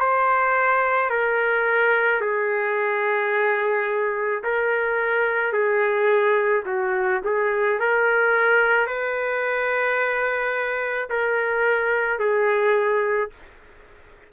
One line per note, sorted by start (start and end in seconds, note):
0.00 1.10 C5
1.10 2.21 A#4
2.21 4.43 G#4
4.44 5.53 A#4
5.53 6.64 G#4
6.66 7.21 F#4
7.25 7.80 G#4
7.80 8.87 A#4
8.87 11.10 B4
11.10 12.20 A#4
12.20 13.31 G#4